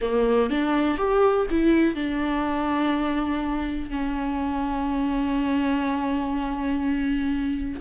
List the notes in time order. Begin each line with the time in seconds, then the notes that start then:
0.01 A#3
0.50 D4
0.97 G4
1.50 E4
1.95 D4
3.90 C#4